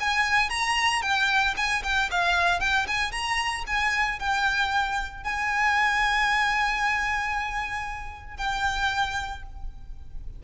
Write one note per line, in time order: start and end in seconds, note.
0.00 0.50 G#5
0.50 1.02 A#5
1.02 1.55 G5
1.57 1.83 G#5
1.83 2.10 G5
2.11 2.60 F5
2.60 2.87 G5
2.87 3.12 G#5
3.12 3.64 A#5
3.67 4.19 G#5
4.19 5.24 G5
5.24 8.38 G#5
8.38 9.43 G5